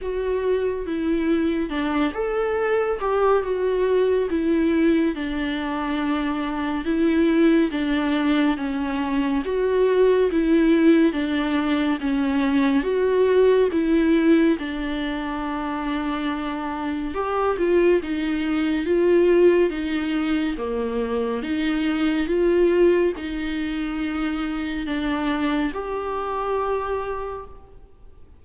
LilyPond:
\new Staff \with { instrumentName = "viola" } { \time 4/4 \tempo 4 = 70 fis'4 e'4 d'8 a'4 g'8 | fis'4 e'4 d'2 | e'4 d'4 cis'4 fis'4 | e'4 d'4 cis'4 fis'4 |
e'4 d'2. | g'8 f'8 dis'4 f'4 dis'4 | ais4 dis'4 f'4 dis'4~ | dis'4 d'4 g'2 | }